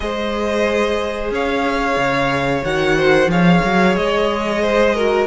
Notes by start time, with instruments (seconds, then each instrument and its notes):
0.00 cello G#3, viola G#4, violin C5 D#5
1.30 cello C#4, violin C#5 F5
1.96 cello C#3
2.64 cello D#3, viola F#4, violin F#5
2.97 violin C5
3.27 cello F3, viola G#4, violin C#5 F5
3.64 cello F#3
3.95 cello G#3, violin D#5
4.62 violin C5
4.94 viola F#4, violin A#4